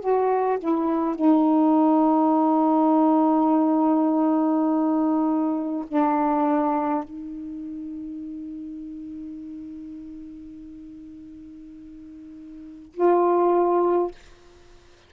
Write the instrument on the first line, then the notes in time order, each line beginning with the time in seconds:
saxophone
0.00 F#4
0.59 E4
1.15 D#4
5.88 D4
7.04 D#4
12.94 F4